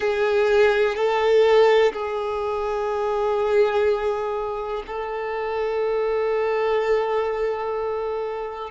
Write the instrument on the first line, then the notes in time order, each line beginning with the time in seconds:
violin
0.00 G#4
0.95 A4
1.92 G#4
4.87 A4